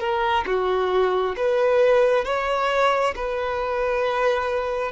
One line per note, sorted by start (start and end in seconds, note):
0.00 0.45 A#4
0.46 1.36 F#4
1.37 2.25 B4
2.25 3.15 C#5
3.16 4.92 B4